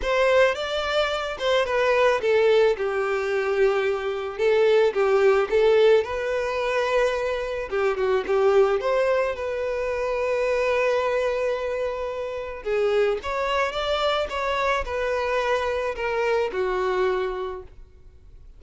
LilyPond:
\new Staff \with { instrumentName = "violin" } { \time 4/4 \tempo 4 = 109 c''4 d''4. c''8 b'4 | a'4 g'2. | a'4 g'4 a'4 b'4~ | b'2 g'8 fis'8 g'4 |
c''4 b'2.~ | b'2. gis'4 | cis''4 d''4 cis''4 b'4~ | b'4 ais'4 fis'2 | }